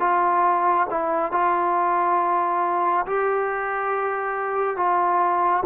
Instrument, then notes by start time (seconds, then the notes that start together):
trombone
0.00 F4
0.90 E4
1.32 F4
3.06 G4
4.77 F4